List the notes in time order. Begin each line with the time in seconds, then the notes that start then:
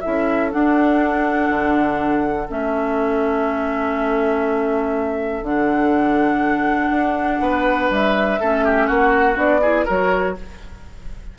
0.00 E4 A4 E5
0.06 C#4
0.51 D4 F#5
1.49 D3
2.48 A3 C#4 E5
5.42 D3 D4 F#5
6.90 D4
7.40 B3 B4
7.90 G3 E5
8.40 A3 C#4 A4
8.64 G4
8.87 A#3 F#4 F#5
9.34 B3 D4 D5
9.61 E4 G#4
9.85 F#3 F#4 A#4 C#5